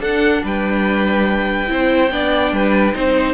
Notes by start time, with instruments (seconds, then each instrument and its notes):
0.00 cello D4, viola D4, violin A4 F#5
0.43 cello G3, violin B4 G5
1.67 cello C4, viola E4, violin C5
2.11 cello B3, viola D4, violin D5
2.52 cello G3, violin B4
2.93 cello C4, viola D#4, violin C5